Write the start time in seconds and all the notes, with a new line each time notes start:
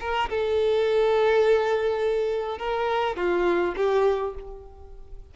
0.00 A#4
0.30 A4
2.58 A#4
3.16 F4
3.76 G4